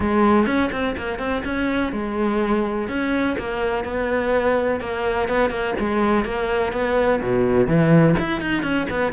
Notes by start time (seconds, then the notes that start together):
0.00 G#3
0.46 C#4
0.72 C4
0.97 A#3
1.18 C4
1.44 C#4
1.92 G#3
2.88 C#4
3.38 A#3
3.84 B3
4.80 A#3
5.28 B3
5.50 A#3
5.79 G#3
6.24 A#3
6.72 B3
7.21 B2
7.67 E3
8.19 E4
8.40 D#4
8.62 C#4
8.90 B3